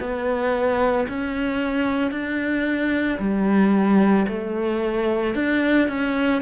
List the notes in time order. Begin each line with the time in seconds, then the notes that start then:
0.00 B3
1.08 C#4
2.11 D4
3.19 G3
4.28 A3
5.34 D4
5.88 C#4